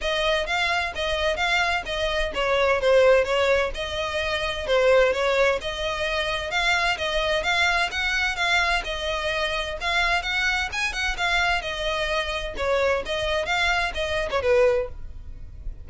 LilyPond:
\new Staff \with { instrumentName = "violin" } { \time 4/4 \tempo 4 = 129 dis''4 f''4 dis''4 f''4 | dis''4 cis''4 c''4 cis''4 | dis''2 c''4 cis''4 | dis''2 f''4 dis''4 |
f''4 fis''4 f''4 dis''4~ | dis''4 f''4 fis''4 gis''8 fis''8 | f''4 dis''2 cis''4 | dis''4 f''4 dis''8. cis''16 b'4 | }